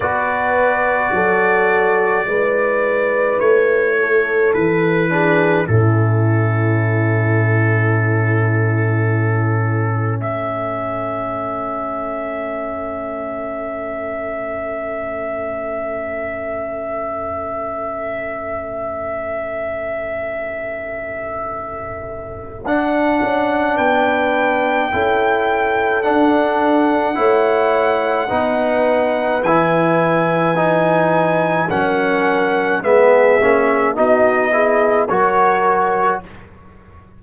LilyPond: <<
  \new Staff \with { instrumentName = "trumpet" } { \time 4/4 \tempo 4 = 53 d''2. cis''4 | b'4 a'2.~ | a'4 e''2.~ | e''1~ |
e''1 | fis''4 g''2 fis''4~ | fis''2 gis''2 | fis''4 e''4 dis''4 cis''4 | }
  \new Staff \with { instrumentName = "horn" } { \time 4/4 b'4 a'4 b'4. a'8~ | a'8 gis'8 e'2.~ | e'4 a'2.~ | a'1~ |
a'1~ | a'4 b'4 a'2 | cis''4 b'2. | ais'4 gis'4 fis'8 gis'8 ais'4 | }
  \new Staff \with { instrumentName = "trombone" } { \time 4/4 fis'2 e'2~ | e'8 d'8 cis'2.~ | cis'1~ | cis'1~ |
cis'1 | d'2 e'4 d'4 | e'4 dis'4 e'4 dis'4 | cis'4 b8 cis'8 dis'8 e'8 fis'4 | }
  \new Staff \with { instrumentName = "tuba" } { \time 4/4 b4 fis4 gis4 a4 | e4 a,2.~ | a,4 a2.~ | a1~ |
a1 | d'8 cis'8 b4 cis'4 d'4 | a4 b4 e2 | fis4 gis8 ais8 b4 fis4 | }
>>